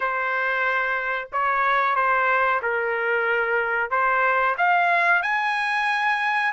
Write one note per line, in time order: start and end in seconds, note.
0.00 1.28 C5
1.32 1.95 C#5
1.95 2.61 C5
2.62 3.90 A#4
3.90 4.55 C5
4.57 5.22 F5
5.22 6.52 G#5